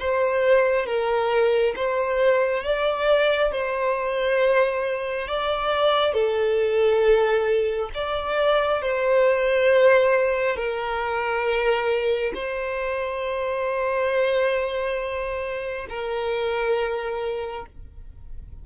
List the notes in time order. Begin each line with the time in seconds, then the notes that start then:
0.00 C5
0.86 A#4
1.76 C5
2.64 D5
3.52 C5
5.28 D5
6.14 A4
7.95 D5
8.82 C5
10.56 A#4
12.34 C5
15.89 A#4